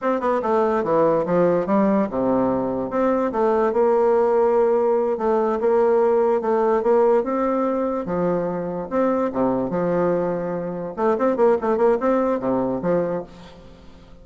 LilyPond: \new Staff \with { instrumentName = "bassoon" } { \time 4/4 \tempo 4 = 145 c'8 b8 a4 e4 f4 | g4 c2 c'4 | a4 ais2.~ | ais8 a4 ais2 a8~ |
a8 ais4 c'2 f8~ | f4. c'4 c4 f8~ | f2~ f8 a8 c'8 ais8 | a8 ais8 c'4 c4 f4 | }